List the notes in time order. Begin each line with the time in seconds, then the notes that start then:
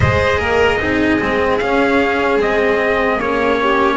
0.00 G#3 G#4 C5 D#5
0.39 A#3 A#4
0.79 C4 D#4 G#4
1.20 G#3 C4
1.57 C#4 F5
2.37 G#3 C4 D#5
3.16 A#3 C#4 C#5
3.62 G4